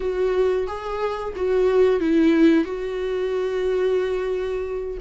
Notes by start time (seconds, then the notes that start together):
0.00 F#4
0.67 G#4
1.36 F#4
2.00 E4
2.64 F#4